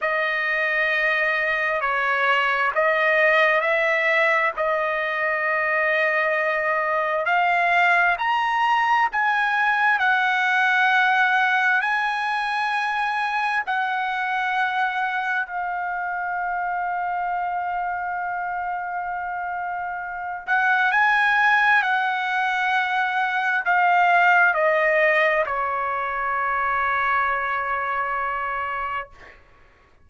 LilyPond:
\new Staff \with { instrumentName = "trumpet" } { \time 4/4 \tempo 4 = 66 dis''2 cis''4 dis''4 | e''4 dis''2. | f''4 ais''4 gis''4 fis''4~ | fis''4 gis''2 fis''4~ |
fis''4 f''2.~ | f''2~ f''8 fis''8 gis''4 | fis''2 f''4 dis''4 | cis''1 | }